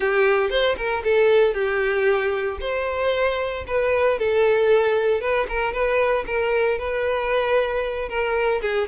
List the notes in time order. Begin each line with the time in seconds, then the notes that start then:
0.00 G4
0.50 C5
0.77 A#4
1.04 A4
1.54 G4
2.60 C5
3.67 B4
4.18 A4
5.20 B4
5.48 A#4
5.72 B4
6.26 A#4
6.78 B4
8.09 A#4
8.61 G#4